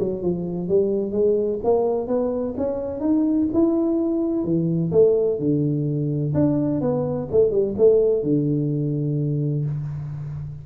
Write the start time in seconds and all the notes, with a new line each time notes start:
0.00 F#3
0.23 F3
0.69 G3
1.13 G#3
1.64 A#3
2.08 B3
2.58 C#4
3.01 D#4
3.54 E4
4.45 E3
4.92 A3
5.40 D3
6.35 D4
6.81 B3
7.32 A3
7.51 G3
7.78 A3
8.24 D3